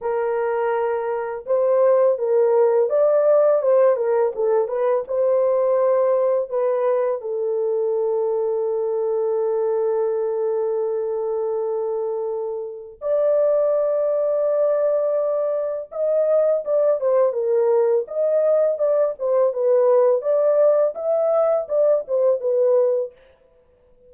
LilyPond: \new Staff \with { instrumentName = "horn" } { \time 4/4 \tempo 4 = 83 ais'2 c''4 ais'4 | d''4 c''8 ais'8 a'8 b'8 c''4~ | c''4 b'4 a'2~ | a'1~ |
a'2 d''2~ | d''2 dis''4 d''8 c''8 | ais'4 dis''4 d''8 c''8 b'4 | d''4 e''4 d''8 c''8 b'4 | }